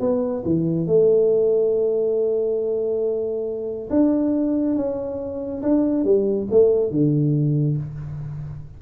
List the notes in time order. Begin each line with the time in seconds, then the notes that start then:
0.00 B3
0.45 E3
0.87 A3
3.90 D4
4.75 C#4
5.62 D4
6.04 G3
6.51 A3
6.91 D3